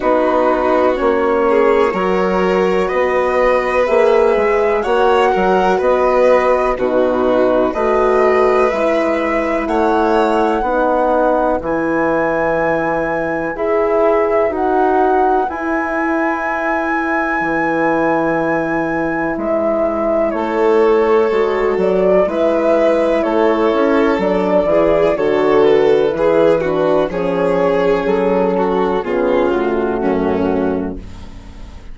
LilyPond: <<
  \new Staff \with { instrumentName = "flute" } { \time 4/4 \tempo 4 = 62 b'4 cis''2 dis''4 | e''4 fis''4 dis''4 b'4 | dis''4 e''4 fis''2 | gis''2 e''4 fis''4 |
gis''1 | e''4 cis''4. d''8 e''4 | cis''4 d''4 cis''8 b'4. | cis''4 a'4 gis'8 fis'4. | }
  \new Staff \with { instrumentName = "violin" } { \time 4/4 fis'4. gis'8 ais'4 b'4~ | b'4 cis''8 ais'8 b'4 fis'4 | b'2 cis''4 b'4~ | b'1~ |
b'1~ | b'4 a'2 b'4 | a'4. gis'8 a'4 gis'8 fis'8 | gis'4. fis'8 f'4 cis'4 | }
  \new Staff \with { instrumentName = "horn" } { \time 4/4 dis'4 cis'4 fis'2 | gis'4 fis'2 dis'4 | fis'4 e'2 dis'4 | e'2 gis'4 fis'4 |
e'1~ | e'2 fis'4 e'4~ | e'4 d'8 e'8 fis'4 e'8 d'8 | cis'2 b8 a4. | }
  \new Staff \with { instrumentName = "bassoon" } { \time 4/4 b4 ais4 fis4 b4 | ais8 gis8 ais8 fis8 b4 b,4 | a4 gis4 a4 b4 | e2 e'4 dis'4 |
e'2 e2 | gis4 a4 gis8 fis8 gis4 | a8 cis'8 fis8 e8 d4 e4 | f4 fis4 cis4 fis,4 | }
>>